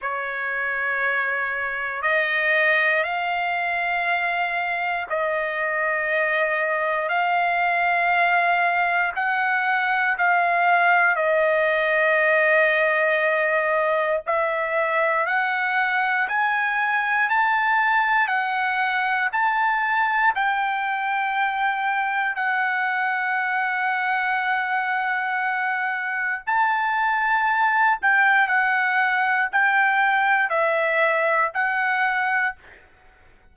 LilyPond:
\new Staff \with { instrumentName = "trumpet" } { \time 4/4 \tempo 4 = 59 cis''2 dis''4 f''4~ | f''4 dis''2 f''4~ | f''4 fis''4 f''4 dis''4~ | dis''2 e''4 fis''4 |
gis''4 a''4 fis''4 a''4 | g''2 fis''2~ | fis''2 a''4. g''8 | fis''4 g''4 e''4 fis''4 | }